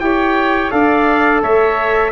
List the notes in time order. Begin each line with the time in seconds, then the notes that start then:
0.00 E4 G4 C#5 G5
0.71 D4 A4 D5 F5
1.42 A3 C#5 E5